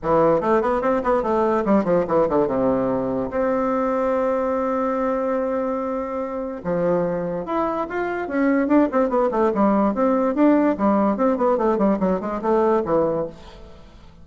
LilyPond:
\new Staff \with { instrumentName = "bassoon" } { \time 4/4 \tempo 4 = 145 e4 a8 b8 c'8 b8 a4 | g8 f8 e8 d8 c2 | c'1~ | c'1 |
f2 e'4 f'4 | cis'4 d'8 c'8 b8 a8 g4 | c'4 d'4 g4 c'8 b8 | a8 g8 fis8 gis8 a4 e4 | }